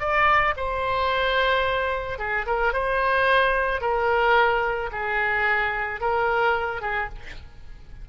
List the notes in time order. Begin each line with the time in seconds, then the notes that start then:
0.00 D5
0.57 C5
2.19 G#4
2.46 A#4
2.73 C5
3.81 A#4
4.92 G#4
6.01 A#4
6.82 G#4